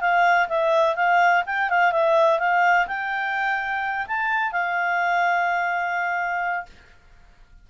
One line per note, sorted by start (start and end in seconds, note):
0.00 0.48 F5
0.48 0.95 E5
0.95 1.43 F5
1.46 1.69 G5
1.69 1.92 F5
1.92 2.39 E5
2.39 2.87 F5
2.87 4.06 G5
4.07 4.52 A5
4.52 6.66 F5